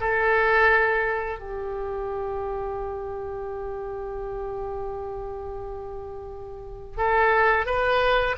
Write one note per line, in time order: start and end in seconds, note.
0.00 1.39 A4
1.39 6.97 G4
6.97 7.66 A4
7.66 8.35 B4